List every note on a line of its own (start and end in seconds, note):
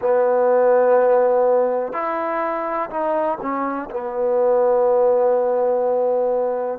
0.01 1.93 B3
1.93 2.89 E4
2.90 3.38 D#4
3.41 3.89 C#4
3.90 6.79 B3